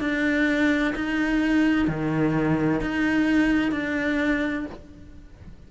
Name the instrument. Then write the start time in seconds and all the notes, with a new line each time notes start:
cello
0.00 D4
0.95 D#4
1.88 D#3
2.81 D#4
3.72 D4